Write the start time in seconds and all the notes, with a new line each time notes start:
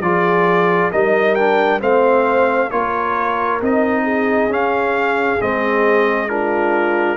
0.00 F3 F4 G#4 D5
0.91 G3 D#4 A#4 D#5
1.35 D4 G5
1.79 A3 C4 C5 F5
2.70 A#3 F4 A#4 C#5
3.61 C4 D#4 D#5
4.03 G#4
4.47 C#4 F5
5.40 G#3 C4 D#5
6.28 D4 F4 A#4